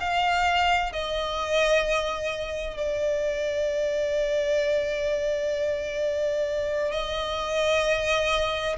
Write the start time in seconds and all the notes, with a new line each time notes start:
0.00 F5
0.92 D#5
2.77 D5
6.91 D#5